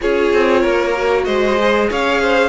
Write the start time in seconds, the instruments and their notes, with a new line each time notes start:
0.00 cello C#4, viola F4, violin G#4 C#5
0.33 cello C4
0.61 cello A#3, violin A#4
0.95 viola F#4
1.24 cello G#3, violin C5 D#5
1.59 viola G#4
1.89 cello C#4, violin C#5 F5
2.21 violin C5